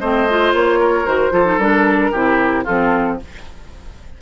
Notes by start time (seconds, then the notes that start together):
0.00 A3 C4 C5 D#5
0.30 F4
0.53 A#3 C#5
0.80 A#4
1.06 D#3 F#4 C5
1.31 F3 F4 A4
1.45 D#4
1.58 G3 D4 A#4
2.11 C3 E4 G4
2.64 F3 C4 F4 A4